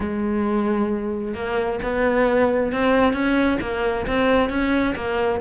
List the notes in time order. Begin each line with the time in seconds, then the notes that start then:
0.00 G#3
1.34 A#3
1.82 B3
2.72 C4
3.13 C#4
3.61 A#3
4.06 C4
4.49 C#4
4.95 A#3